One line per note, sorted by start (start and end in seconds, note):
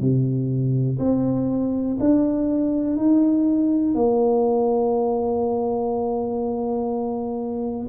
0.00 0.98 C3
0.99 1.97 C4
1.99 2.96 D4
2.96 3.94 D#4
3.94 7.88 A#3